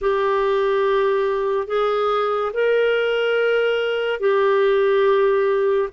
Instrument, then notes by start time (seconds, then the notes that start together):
clarinet
0.01 G4
1.67 G#4
2.53 A#4
4.19 G4